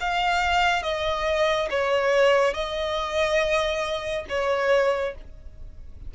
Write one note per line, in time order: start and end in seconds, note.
0.00 0.83 F5
0.83 1.68 D#5
1.70 2.54 C#5
2.54 4.25 D#5
4.29 5.14 C#5